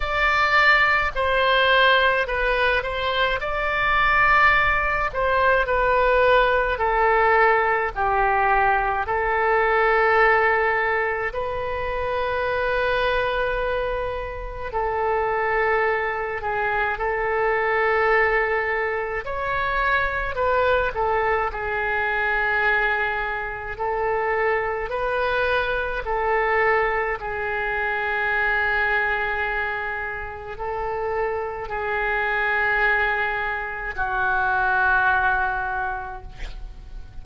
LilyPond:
\new Staff \with { instrumentName = "oboe" } { \time 4/4 \tempo 4 = 53 d''4 c''4 b'8 c''8 d''4~ | d''8 c''8 b'4 a'4 g'4 | a'2 b'2~ | b'4 a'4. gis'8 a'4~ |
a'4 cis''4 b'8 a'8 gis'4~ | gis'4 a'4 b'4 a'4 | gis'2. a'4 | gis'2 fis'2 | }